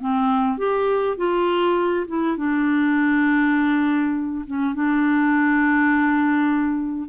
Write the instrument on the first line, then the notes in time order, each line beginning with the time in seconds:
clarinet
0.00 C4
0.58 G4
1.17 F4
2.08 E4
2.37 D4
4.47 C#4
4.75 D4